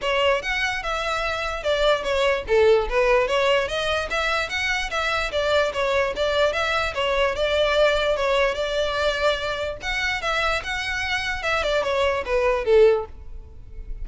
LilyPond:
\new Staff \with { instrumentName = "violin" } { \time 4/4 \tempo 4 = 147 cis''4 fis''4 e''2 | d''4 cis''4 a'4 b'4 | cis''4 dis''4 e''4 fis''4 | e''4 d''4 cis''4 d''4 |
e''4 cis''4 d''2 | cis''4 d''2. | fis''4 e''4 fis''2 | e''8 d''8 cis''4 b'4 a'4 | }